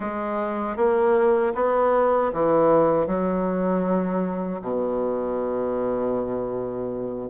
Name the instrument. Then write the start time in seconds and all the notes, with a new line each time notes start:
bassoon
0.00 G#3
0.76 A#3
1.55 B3
2.32 E3
3.06 F#3
4.62 B2